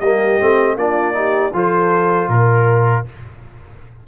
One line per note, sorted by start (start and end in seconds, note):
0.00 0.38 G3
0.00 0.40 A#3
0.00 0.76 G4
0.00 0.76 D#5
0.40 0.76 A3
0.40 0.78 C4
0.76 1.52 A#3
0.76 1.13 D4
0.76 1.16 F4
0.76 1.54 D5
1.13 1.51 D#4
1.13 1.54 G4
1.53 2.28 F3
1.53 3.05 F4
1.53 2.31 A4
1.53 2.29 C5
2.28 3.04 A#2
2.28 3.05 A#4
2.28 3.07 A#4